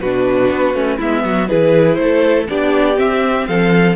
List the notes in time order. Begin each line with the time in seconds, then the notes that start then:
0.00 B2 D4 F#4 B4
0.51 B3
0.74 A3 C#4
0.98 G#3 B3 E4 E5
1.24 F#3 F#4
1.48 E3 E4 G#4 B4
1.95 A3 C5
2.02 A4
2.49 B3 D4 G4 D5
2.96 C4 E5
3.47 F3 A4 F5